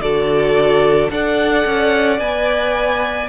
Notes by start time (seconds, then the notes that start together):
0.00 D3 F#4 A4 D5
1.10 D4 A4 D5 F#5
1.65 C#4
2.19 B3 B4 G#5